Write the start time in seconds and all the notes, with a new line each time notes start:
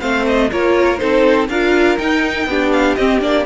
0.00 A3 C4 C5 F5
0.26 D#5
0.51 A#3 F4 A#4 C#5
0.97 C4 D#4 A4 C5
1.48 D4 F4 A#4 F5
1.97 D#4 G5
2.46 B3 D4 G4
2.72 F5
2.94 C4 D#5
3.20 A#3 D4 D5